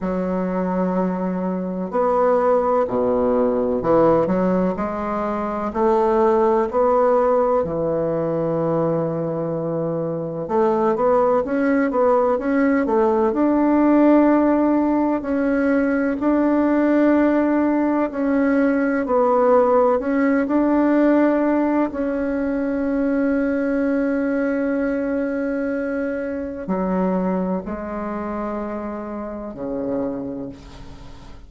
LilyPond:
\new Staff \with { instrumentName = "bassoon" } { \time 4/4 \tempo 4 = 63 fis2 b4 b,4 | e8 fis8 gis4 a4 b4 | e2. a8 b8 | cis'8 b8 cis'8 a8 d'2 |
cis'4 d'2 cis'4 | b4 cis'8 d'4. cis'4~ | cis'1 | fis4 gis2 cis4 | }